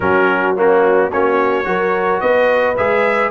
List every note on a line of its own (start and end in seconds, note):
0.00 1.10 F#3
0.00 0.55 C#4
0.00 0.57 F#4
0.00 0.56 A#4
0.55 1.11 A#3
0.55 1.10 C#4
0.55 1.12 F#4
1.10 1.65 A#3
1.10 1.64 C#4
1.10 1.65 F#4
1.10 2.20 C#5
1.64 2.21 F#3
1.64 2.75 F#4
1.64 2.21 A#4
2.20 2.78 B3
2.20 3.31 B4
2.20 2.76 D#5
2.76 3.31 G#3
2.76 3.31 G#4
2.76 3.31 E5